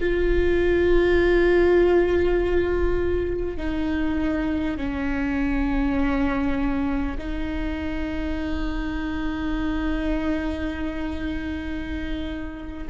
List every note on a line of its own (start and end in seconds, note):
0.00 3.57 F4
3.57 4.77 D#4
4.77 7.17 C#4
7.18 12.88 D#4